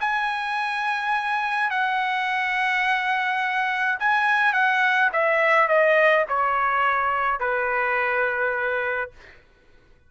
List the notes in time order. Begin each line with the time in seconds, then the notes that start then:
0.00 G#5
1.70 F#5
3.99 G#5
4.53 F#5
5.12 E5
5.68 D#5
6.28 C#5
7.39 B4